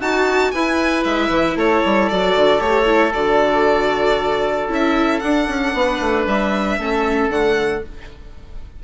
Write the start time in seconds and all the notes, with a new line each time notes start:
0.00 D#4 F#4 A5
0.52 E4 B4 G#5
1.04 G#3 E5
1.29 E3
1.56 A3 A4 C#5
1.85 G3
2.09 F#3 F#4 D5
2.36 D3
2.59 A3 G4 C#5
2.86 E4
3.13 D3 F#4 D5
4.69 C#4 E4 E5
5.20 D4 F#5
5.48 C#4
5.74 B3 B4
6.00 A3
6.27 G3 E5
6.78 A3 C#4 A4
7.29 D3 A3 F#5